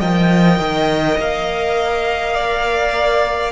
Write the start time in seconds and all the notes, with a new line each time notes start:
0.00 F3 A#4 D#5 G5
0.59 D#3
1.19 A#3 F5
2.35 D5